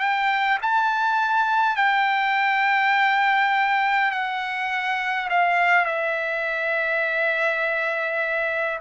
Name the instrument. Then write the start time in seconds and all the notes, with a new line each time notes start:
trumpet
0.00 G5
0.63 A5
1.76 G5
4.12 F#5
5.30 F5
5.86 E5